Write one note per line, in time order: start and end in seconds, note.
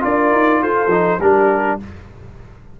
0.00 0.32 D4
0.00 0.87 F4
0.00 0.62 A#4
0.00 0.62 D5
0.32 0.61 D#4
0.62 0.87 F4
0.62 1.20 A4
0.62 1.20 C5
0.87 1.16 F3
0.87 1.19 D#4
1.20 1.78 G3
1.20 1.80 D4
1.20 1.79 G4
1.20 1.79 A#4